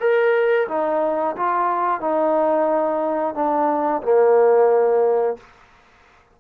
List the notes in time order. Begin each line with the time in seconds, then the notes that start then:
0.00 A#4
0.68 D#4
1.36 F4
2.00 D#4
3.35 D4
4.02 A#3